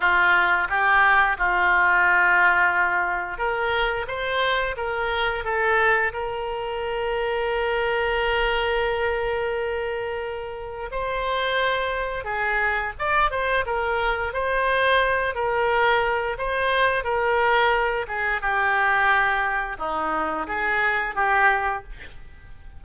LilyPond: \new Staff \with { instrumentName = "oboe" } { \time 4/4 \tempo 4 = 88 f'4 g'4 f'2~ | f'4 ais'4 c''4 ais'4 | a'4 ais'2.~ | ais'1 |
c''2 gis'4 d''8 c''8 | ais'4 c''4. ais'4. | c''4 ais'4. gis'8 g'4~ | g'4 dis'4 gis'4 g'4 | }